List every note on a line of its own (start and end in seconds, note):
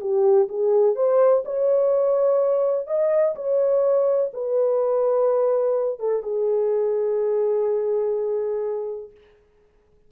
0.00 0.48 G4
0.49 0.96 G#4
0.96 1.44 C5
1.45 2.87 C#5
2.87 3.35 D#5
3.36 4.32 C#5
4.33 5.99 B4
5.99 6.23 A4
6.23 9.11 G#4